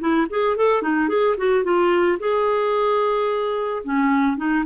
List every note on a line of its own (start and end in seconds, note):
0.00 0.27 E4
0.30 0.57 G#4
0.57 0.83 A4
0.83 1.09 D#4
1.09 1.36 G#4
1.38 1.64 F#4
1.64 2.19 F4
2.20 3.84 G#4
3.84 4.37 C#4
4.37 4.65 D#4